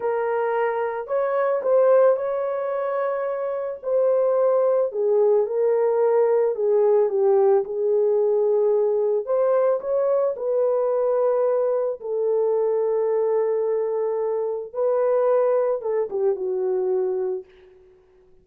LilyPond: \new Staff \with { instrumentName = "horn" } { \time 4/4 \tempo 4 = 110 ais'2 cis''4 c''4 | cis''2. c''4~ | c''4 gis'4 ais'2 | gis'4 g'4 gis'2~ |
gis'4 c''4 cis''4 b'4~ | b'2 a'2~ | a'2. b'4~ | b'4 a'8 g'8 fis'2 | }